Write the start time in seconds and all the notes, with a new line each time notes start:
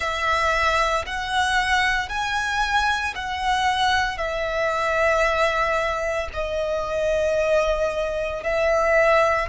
0.00 E5
1.05 F#5
2.08 G#5
3.15 F#5
4.17 E5
6.33 D#5
8.43 E5